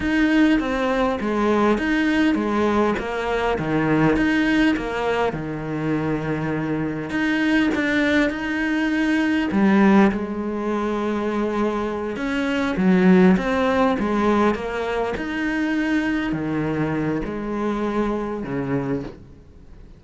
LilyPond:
\new Staff \with { instrumentName = "cello" } { \time 4/4 \tempo 4 = 101 dis'4 c'4 gis4 dis'4 | gis4 ais4 dis4 dis'4 | ais4 dis2. | dis'4 d'4 dis'2 |
g4 gis2.~ | gis8 cis'4 fis4 c'4 gis8~ | gis8 ais4 dis'2 dis8~ | dis4 gis2 cis4 | }